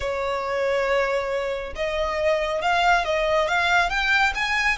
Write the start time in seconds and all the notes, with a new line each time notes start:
0.00 C#5
1.75 D#5
2.61 F5
3.04 D#5
3.48 F5
3.89 G5
4.34 G#5